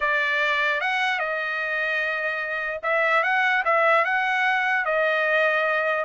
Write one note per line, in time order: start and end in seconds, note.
0.00 0.81 D5
0.81 1.19 F#5
1.19 2.80 D#5
2.82 3.23 E5
3.23 3.63 F#5
3.64 4.04 E5
4.04 4.85 F#5
4.85 6.04 D#5